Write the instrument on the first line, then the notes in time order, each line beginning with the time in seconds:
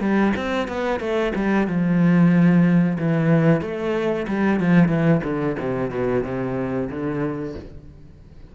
cello
0.00 G3
0.36 C4
0.68 B3
1.00 A3
1.35 G3
1.67 F3
2.99 E3
3.61 A3
4.27 G3
4.60 F3
4.88 E3
5.24 D3
5.59 C3
5.90 B2
6.24 C3
6.90 D3